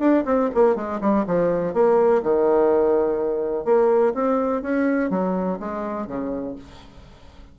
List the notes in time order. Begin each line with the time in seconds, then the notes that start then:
0.00 D4
0.26 C4
0.55 A#3
0.76 G#3
1.01 G3
1.27 F3
1.74 A#3
2.23 D#3
3.65 A#3
4.14 C4
4.62 C#4
5.10 F#3
5.60 G#3
6.07 C#3